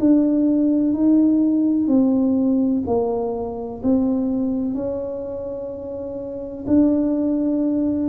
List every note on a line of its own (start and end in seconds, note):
0.00 0.94 D4
0.94 1.88 D#4
1.88 2.83 C4
2.87 3.82 A#3
3.83 4.75 C4
4.75 6.65 C#4
6.67 8.10 D4